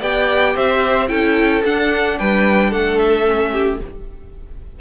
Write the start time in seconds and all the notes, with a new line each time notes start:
0.00 B3 G4 D5 G5
0.55 C4 C5 E5
1.08 C#4 E4 A4 G5
1.65 D4 F#5
2.19 G3 B4 G5
2.70 A3 A4 F#5
2.99 E5
3.25 C#4
3.52 G4